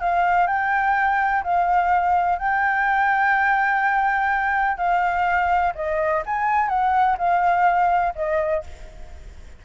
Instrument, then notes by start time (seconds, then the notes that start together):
flute
0.00 F5
0.47 G5
1.43 F5
2.38 G5
4.77 F5
5.75 D#5
6.26 G#5
6.68 F#5
7.18 F5
8.15 D#5